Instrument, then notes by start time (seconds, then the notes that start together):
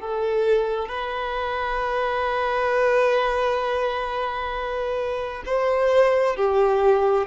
violin
0.00 A4
0.88 B4
5.45 C5
6.36 G4